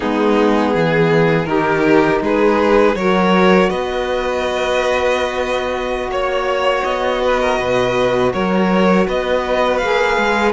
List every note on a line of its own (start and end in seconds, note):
0.00 0.74 G#3
0.00 1.46 B3
0.00 0.74 D#4
0.00 1.45 G#4
0.74 1.46 E3
0.74 1.48 G#4
1.45 2.20 D#3
1.45 2.94 D#4
1.45 2.22 G4
1.45 2.19 A#4
2.21 2.95 G#3
2.21 2.97 G#4
2.21 2.95 B4
2.95 3.69 F#3
2.95 9.83 F#4
2.95 3.69 A#4
2.95 3.69 C#5
3.69 6.08 B3
3.69 6.10 B4
3.69 6.10 D#5
6.08 6.82 A#3
6.08 6.84 C#5
6.08 7.21 C#5
6.84 7.58 B3
6.84 8.32 D#5
7.21 7.40 B4
7.40 7.58 A#4
7.58 8.33 B2
7.58 8.32 B4
8.33 9.07 F#3
8.33 9.06 A#4
8.33 9.07 C#5
9.06 9.81 B3
9.06 10.53 B4
9.06 9.77 D#5
9.77 10.17 A#3
9.77 10.53 G#4
9.77 10.51 F5
10.17 10.53 G#3